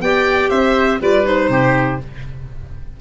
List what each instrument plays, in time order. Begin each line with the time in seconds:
0.00 tuba B3, clarinet G4, oboe D5, violin G5
0.50 tuba C4, oboe C5, violin E5
1.00 tuba G3, clarinet F4, oboe B4, violin D5
1.23 clarinet D#4, violin C5
1.49 tuba C3, oboe G4